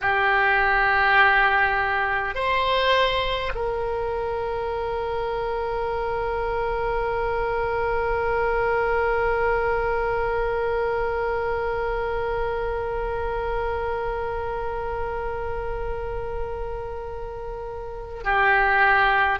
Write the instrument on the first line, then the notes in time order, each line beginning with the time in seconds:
oboe
0.01 G4
2.34 C5
3.55 A#4
18.24 G4